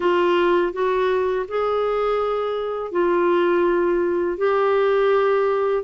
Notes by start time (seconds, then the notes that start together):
0.00 F4
0.72 F#4
1.48 G#4
2.91 F4
4.37 G4